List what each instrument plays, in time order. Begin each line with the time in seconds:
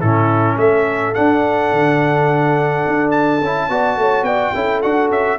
0.00 tuba A2, trombone C#4, horn E4, trumpet A4
0.56 tuba A3, horn A4, trumpet E5
1.14 trombone D4, tuba D4, trumpet F#5
1.72 tuba D3
2.87 tuba D4
3.11 trumpet A5
3.41 tuba C#4, trombone E4
3.69 tuba B3, trombone F#4, horn D5
3.97 tuba A3, horn C#5
4.23 tuba B3, horn D5, trumpet G5
4.54 tuba C#4, trombone E4, horn A4
4.82 tuba D4, trombone F#4, trumpet F#5
5.10 tuba C#4, trumpet E5